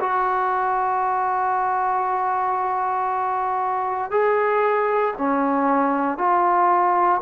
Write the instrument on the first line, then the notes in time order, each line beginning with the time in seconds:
trombone
0.00 F#4
4.11 G#4
5.18 C#4
6.18 F4